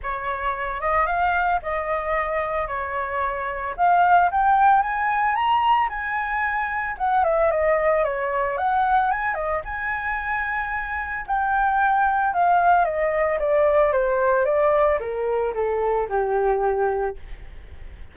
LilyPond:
\new Staff \with { instrumentName = "flute" } { \time 4/4 \tempo 4 = 112 cis''4. dis''8 f''4 dis''4~ | dis''4 cis''2 f''4 | g''4 gis''4 ais''4 gis''4~ | gis''4 fis''8 e''8 dis''4 cis''4 |
fis''4 gis''8 dis''8 gis''2~ | gis''4 g''2 f''4 | dis''4 d''4 c''4 d''4 | ais'4 a'4 g'2 | }